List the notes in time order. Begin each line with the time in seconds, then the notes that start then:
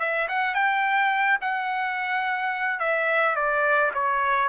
0.00 E5
0.29 F#5
0.55 G5
1.41 F#5
2.80 E5
3.36 D5
3.94 C#5